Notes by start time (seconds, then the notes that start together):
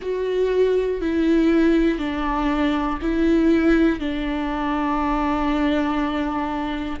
0.01 F#4
1.01 E4
1.98 D4
3.01 E4
3.99 D4